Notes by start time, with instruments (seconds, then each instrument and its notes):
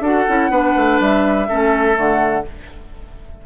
0.00 bassoon D4, clarinet F#4, oboe A4, flute F#5
0.28 bassoon C#4, clarinet E4
0.50 bassoon B3, clarinet D4, oboe B4
0.76 bassoon A3
1.00 bassoon G3, flute E5
1.48 bassoon A3, clarinet C#4, oboe A4
1.94 bassoon D3, clarinet A3, flute F#5